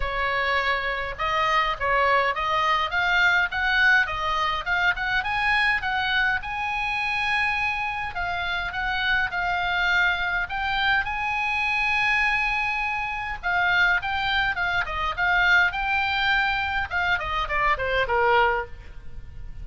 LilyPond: \new Staff \with { instrumentName = "oboe" } { \time 4/4 \tempo 4 = 103 cis''2 dis''4 cis''4 | dis''4 f''4 fis''4 dis''4 | f''8 fis''8 gis''4 fis''4 gis''4~ | gis''2 f''4 fis''4 |
f''2 g''4 gis''4~ | gis''2. f''4 | g''4 f''8 dis''8 f''4 g''4~ | g''4 f''8 dis''8 d''8 c''8 ais'4 | }